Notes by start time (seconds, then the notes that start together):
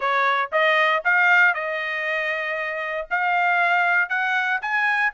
0.00 C#5
0.52 D#5
1.04 F5
1.54 D#5
3.10 F5
4.09 F#5
4.61 G#5